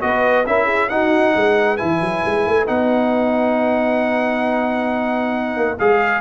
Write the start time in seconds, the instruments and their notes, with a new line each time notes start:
0.00 tuba B3, trombone F#4, horn B4, trumpet D#5
0.46 tuba C#4, trombone E4, horn A#4, trumpet E5
0.66 horn G#4
0.89 trombone D#4, tuba D#4, horn F#4, trumpet F#5
1.36 tuba G#3, horn B4
1.77 tuba E3, trombone E4, trumpet G#5
2.01 tuba F#3
2.26 tuba G#3
2.47 tuba A3
2.66 tuba B3, trombone D#4, trumpet F#5
5.57 tuba A#3
5.79 tuba G#3, trombone G#4, trumpet F5